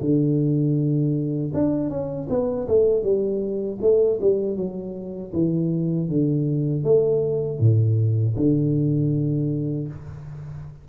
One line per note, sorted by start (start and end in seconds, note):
0.00 1.52 D3
1.53 1.90 D4
1.90 2.28 C#4
2.29 2.67 B3
2.67 3.02 A3
3.02 3.78 G3
3.81 4.19 A3
4.20 4.56 G3
4.56 5.32 F#3
5.33 6.08 E3
6.08 6.84 D3
6.84 7.59 A3
7.59 8.35 A2
8.35 9.87 D3